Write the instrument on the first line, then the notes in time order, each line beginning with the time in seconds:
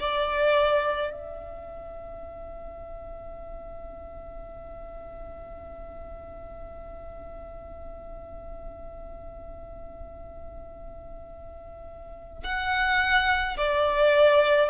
violin
0.00 D5
1.11 E5
12.43 F#5
13.57 D5